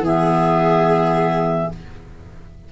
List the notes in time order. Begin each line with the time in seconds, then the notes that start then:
0.00 E3 B3 G#4 E5